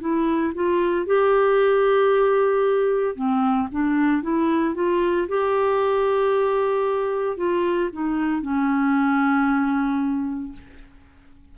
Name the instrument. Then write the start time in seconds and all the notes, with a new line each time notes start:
clarinet
0.00 E4
0.55 F4
1.06 G4
3.15 C4
3.71 D4
4.22 E4
4.75 F4
5.28 G4
7.37 F4
7.92 D#4
8.42 C#4